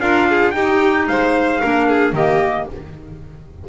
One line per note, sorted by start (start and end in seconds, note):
0.00 0.54 D4
0.00 0.54 F4
0.00 0.29 A#4
0.00 0.51 F5
0.29 0.55 G#4
0.51 1.08 D#4
0.51 1.62 D#4
0.51 1.09 G4
0.51 1.05 G5
1.08 1.61 G#3
1.08 1.61 C5
1.08 2.15 F5
1.61 2.12 A#3
1.61 2.14 D4
1.61 1.88 A#4
1.88 2.15 G#4
2.12 2.66 D#3
2.12 2.68 A#3
2.12 2.69 G4
2.12 2.69 D#5